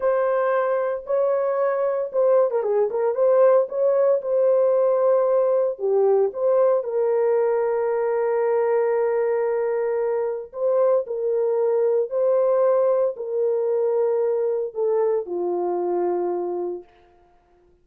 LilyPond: \new Staff \with { instrumentName = "horn" } { \time 4/4 \tempo 4 = 114 c''2 cis''2 | c''8. ais'16 gis'8 ais'8 c''4 cis''4 | c''2. g'4 | c''4 ais'2.~ |
ais'1 | c''4 ais'2 c''4~ | c''4 ais'2. | a'4 f'2. | }